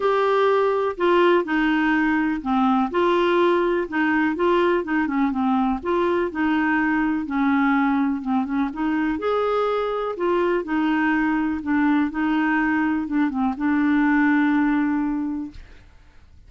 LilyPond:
\new Staff \with { instrumentName = "clarinet" } { \time 4/4 \tempo 4 = 124 g'2 f'4 dis'4~ | dis'4 c'4 f'2 | dis'4 f'4 dis'8 cis'8 c'4 | f'4 dis'2 cis'4~ |
cis'4 c'8 cis'8 dis'4 gis'4~ | gis'4 f'4 dis'2 | d'4 dis'2 d'8 c'8 | d'1 | }